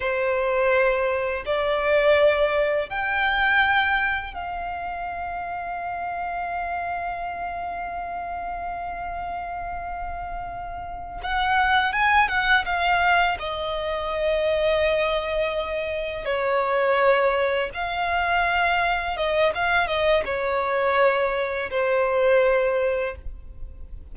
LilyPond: \new Staff \with { instrumentName = "violin" } { \time 4/4 \tempo 4 = 83 c''2 d''2 | g''2 f''2~ | f''1~ | f''2.~ f''8 fis''8~ |
fis''8 gis''8 fis''8 f''4 dis''4.~ | dis''2~ dis''8 cis''4.~ | cis''8 f''2 dis''8 f''8 dis''8 | cis''2 c''2 | }